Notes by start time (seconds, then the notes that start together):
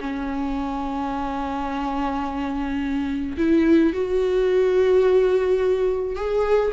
0.00 C#4
3.37 E4
3.93 F#4
6.16 G#4